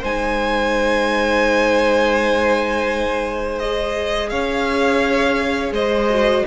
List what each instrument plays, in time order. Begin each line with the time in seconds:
0.00 cello G#3, viola D#4, violin C5 G#5
3.58 viola G#4, violin D#5
4.29 cello C#4, violin C#5 F5
5.71 cello G#3, violin C5 D#5
6.09 viola F#4